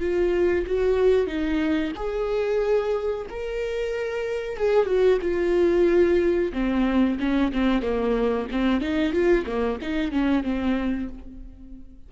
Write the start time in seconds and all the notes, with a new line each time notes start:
0.00 F4
0.67 F#4
1.27 D#4
1.96 G#4
3.30 A#4
4.57 G#4
4.86 F#4
5.22 F4
6.53 C4
7.20 C#4
7.53 C4
7.82 A#3
8.51 C4
8.81 D#4
9.13 F4
9.46 A#3
9.82 D#4
10.12 C#4
10.43 C4